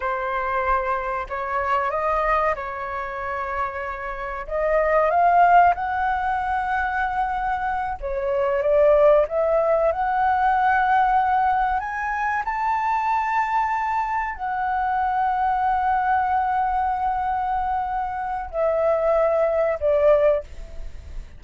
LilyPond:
\new Staff \with { instrumentName = "flute" } { \time 4/4 \tempo 4 = 94 c''2 cis''4 dis''4 | cis''2. dis''4 | f''4 fis''2.~ | fis''8 cis''4 d''4 e''4 fis''8~ |
fis''2~ fis''8 gis''4 a''8~ | a''2~ a''8 fis''4.~ | fis''1~ | fis''4 e''2 d''4 | }